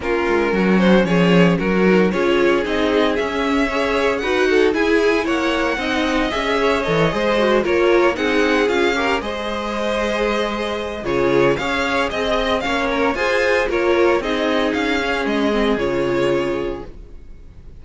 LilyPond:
<<
  \new Staff \with { instrumentName = "violin" } { \time 4/4 \tempo 4 = 114 ais'4. c''8 cis''4 ais'4 | cis''4 dis''4 e''2 | fis''4 gis''4 fis''2 | e''4 dis''4. cis''4 fis''8~ |
fis''8 f''4 dis''2~ dis''8~ | dis''4 cis''4 f''4 dis''4 | f''8 ais'8 gis''4 cis''4 dis''4 | f''4 dis''4 cis''2 | }
  \new Staff \with { instrumentName = "violin" } { \time 4/4 f'4 fis'4 gis'4 fis'4 | gis'2. cis''4 | b'8 a'8 gis'4 cis''4 dis''4~ | dis''8 cis''4 c''4 ais'4 gis'8~ |
gis'4 ais'8 c''2~ c''8~ | c''4 gis'4 cis''4 dis''4 | cis''4 c''4 ais'4 gis'4~ | gis'1 | }
  \new Staff \with { instrumentName = "viola" } { \time 4/4 cis'2.~ cis'8 dis'8 | f'4 dis'4 cis'4 gis'4 | fis'4 e'2 dis'4 | gis'4 a'8 gis'8 fis'8 f'4 dis'8~ |
dis'8 f'8 g'8 gis'2~ gis'8~ | gis'4 f'4 gis'2 | cis'4 gis'4 f'4 dis'4~ | dis'8 cis'4 c'8 f'2 | }
  \new Staff \with { instrumentName = "cello" } { \time 4/4 ais8 gis8 fis4 f4 fis4 | cis'4 c'4 cis'2 | dis'4 e'4 ais4 c'4 | cis'4 e8 gis4 ais4 c'8~ |
c'8 cis'4 gis2~ gis8~ | gis4 cis4 cis'4 c'4 | ais4 f'4 ais4 c'4 | cis'4 gis4 cis2 | }
>>